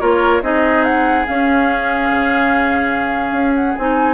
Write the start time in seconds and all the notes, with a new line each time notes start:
0.00 A#3 F4 A#4 C#5
0.42 C4 D#4 G#4 D#5
0.84 F#5
1.27 C#4 F5
2.11 C#3
3.32 C#4
3.55 F#5
3.77 C4 D#4 G#5